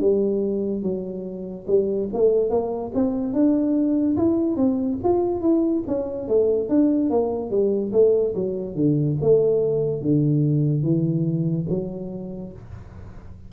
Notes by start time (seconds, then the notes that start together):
0.00 G3
0.82 F#3
1.67 G3
2.13 A3
2.50 A#3
2.94 C4
3.33 D4
4.16 E4
4.56 C4
5.03 F4
5.41 E4
5.87 C#4
6.28 A3
6.69 D4
7.10 A#3
7.50 G3
7.92 A3
8.34 F#3
8.75 D3
9.21 A3
10.02 D3
10.83 E3
11.69 F#3